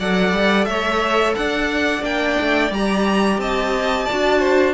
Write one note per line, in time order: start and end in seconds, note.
0.00 0.33 F#3
0.00 2.02 A4
0.00 0.68 D5
0.00 0.65 F#5
0.33 0.67 G3
0.65 1.35 A3
0.65 1.37 C#5
0.65 1.34 E5
1.36 2.02 D4
1.36 3.41 D5
1.36 2.04 F#5
2.02 2.36 A#3
2.02 2.70 D4
2.02 2.73 G5
2.41 2.71 A3
2.71 3.38 G3
2.71 4.11 G4
2.71 3.41 A#5
3.38 4.07 C4
3.38 4.06 D#5
3.38 4.74 A5
4.06 4.74 F#4
4.06 4.40 D5
4.12 4.74 D4
4.40 4.74 C5